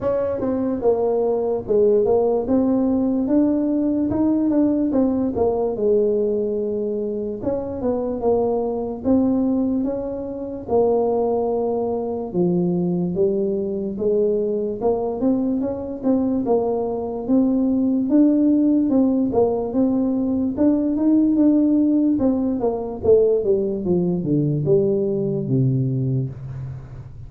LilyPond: \new Staff \with { instrumentName = "tuba" } { \time 4/4 \tempo 4 = 73 cis'8 c'8 ais4 gis8 ais8 c'4 | d'4 dis'8 d'8 c'8 ais8 gis4~ | gis4 cis'8 b8 ais4 c'4 | cis'4 ais2 f4 |
g4 gis4 ais8 c'8 cis'8 c'8 | ais4 c'4 d'4 c'8 ais8 | c'4 d'8 dis'8 d'4 c'8 ais8 | a8 g8 f8 d8 g4 c4 | }